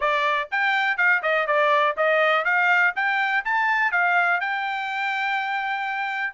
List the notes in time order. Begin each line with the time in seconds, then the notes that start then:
0.00 D5
0.51 G5
0.97 F5
1.22 D#5
1.46 D5
1.96 D#5
2.44 F5
2.95 G5
3.44 A5
3.91 F5
4.40 G5